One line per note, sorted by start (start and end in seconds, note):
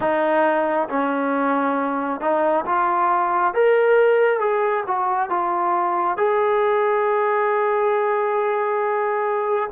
0.00 0.88 D#4
0.88 2.20 C#4
2.20 2.64 D#4
2.65 3.53 F4
3.54 4.39 A#4
4.39 4.83 G#4
4.86 5.29 F#4
5.29 6.17 F4
6.17 9.70 G#4